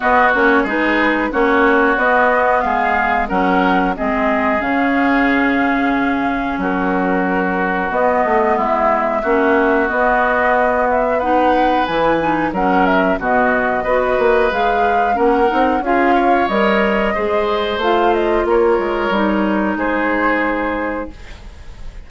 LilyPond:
<<
  \new Staff \with { instrumentName = "flute" } { \time 4/4 \tempo 4 = 91 dis''8 cis''8 b'4 cis''4 dis''4 | f''4 fis''4 dis''4 f''4~ | f''2 ais'2 | dis''4 e''2 dis''4~ |
dis''8 e''8 fis''4 gis''4 fis''8 e''8 | dis''2 f''4 fis''4 | f''4 dis''2 f''8 dis''8 | cis''2 c''2 | }
  \new Staff \with { instrumentName = "oboe" } { \time 4/4 fis'4 gis'4 fis'2 | gis'4 ais'4 gis'2~ | gis'2 fis'2~ | fis'4 e'4 fis'2~ |
fis'4 b'2 ais'4 | fis'4 b'2 ais'4 | gis'8 cis''4. c''2 | ais'2 gis'2 | }
  \new Staff \with { instrumentName = "clarinet" } { \time 4/4 b8 cis'8 dis'4 cis'4 b4~ | b4 cis'4 c'4 cis'4~ | cis'1 | b2 cis'4 b4~ |
b4 dis'4 e'8 dis'8 cis'4 | b4 fis'4 gis'4 cis'8 dis'8 | f'4 ais'4 gis'4 f'4~ | f'4 dis'2. | }
  \new Staff \with { instrumentName = "bassoon" } { \time 4/4 b8 ais8 gis4 ais4 b4 | gis4 fis4 gis4 cis4~ | cis2 fis2 | b8 a8 gis4 ais4 b4~ |
b2 e4 fis4 | b,4 b8 ais8 gis4 ais8 c'8 | cis'4 g4 gis4 a4 | ais8 gis8 g4 gis2 | }
>>